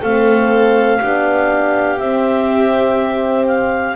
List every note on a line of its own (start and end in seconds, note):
0.00 1.01 A3
0.00 1.01 C4
0.00 0.98 A4
0.00 1.99 F5
1.00 2.00 B3
1.00 1.99 D4
1.00 3.95 G4
1.99 3.96 C4
1.99 3.46 E5
3.47 3.96 F5